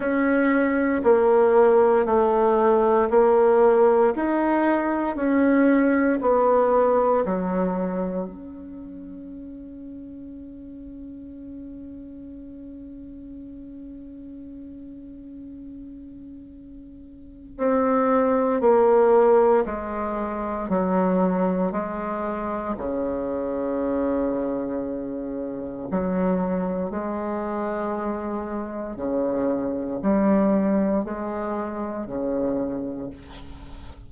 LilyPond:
\new Staff \with { instrumentName = "bassoon" } { \time 4/4 \tempo 4 = 58 cis'4 ais4 a4 ais4 | dis'4 cis'4 b4 fis4 | cis'1~ | cis'1~ |
cis'4 c'4 ais4 gis4 | fis4 gis4 cis2~ | cis4 fis4 gis2 | cis4 g4 gis4 cis4 | }